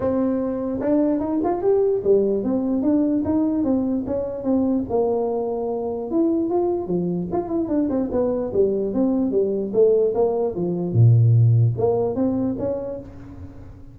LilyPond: \new Staff \with { instrumentName = "tuba" } { \time 4/4 \tempo 4 = 148 c'2 d'4 dis'8 f'8 | g'4 g4 c'4 d'4 | dis'4 c'4 cis'4 c'4 | ais2. e'4 |
f'4 f4 f'8 e'8 d'8 c'8 | b4 g4 c'4 g4 | a4 ais4 f4 ais,4~ | ais,4 ais4 c'4 cis'4 | }